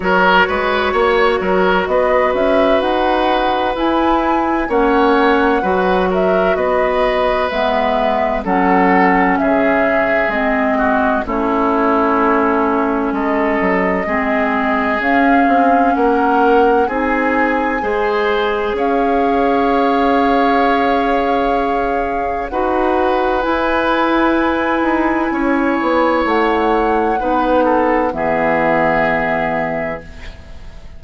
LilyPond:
<<
  \new Staff \with { instrumentName = "flute" } { \time 4/4 \tempo 4 = 64 cis''2 dis''8 e''8 fis''4 | gis''4 fis''4. e''8 dis''4 | e''4 fis''4 e''4 dis''4 | cis''2 dis''2 |
f''4 fis''4 gis''2 | f''1 | fis''4 gis''2. | fis''2 e''2 | }
  \new Staff \with { instrumentName = "oboe" } { \time 4/4 ais'8 b'8 cis''8 ais'8 b'2~ | b'4 cis''4 b'8 ais'8 b'4~ | b'4 a'4 gis'4. fis'8 | e'2 a'4 gis'4~ |
gis'4 ais'4 gis'4 c''4 | cis''1 | b'2. cis''4~ | cis''4 b'8 a'8 gis'2 | }
  \new Staff \with { instrumentName = "clarinet" } { \time 4/4 fis'1 | e'4 cis'4 fis'2 | b4 cis'2 c'4 | cis'2. c'4 |
cis'2 dis'4 gis'4~ | gis'1 | fis'4 e'2.~ | e'4 dis'4 b2 | }
  \new Staff \with { instrumentName = "bassoon" } { \time 4/4 fis8 gis8 ais8 fis8 b8 cis'8 dis'4 | e'4 ais4 fis4 b4 | gis4 fis4 cis4 gis4 | a2 gis8 fis8 gis4 |
cis'8 c'8 ais4 c'4 gis4 | cis'1 | dis'4 e'4. dis'8 cis'8 b8 | a4 b4 e2 | }
>>